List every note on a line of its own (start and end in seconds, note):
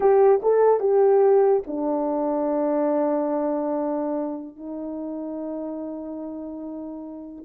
0.00 0.40 G4
0.42 0.80 A4
0.80 1.62 G4
1.66 4.56 D4
4.56 7.44 D#4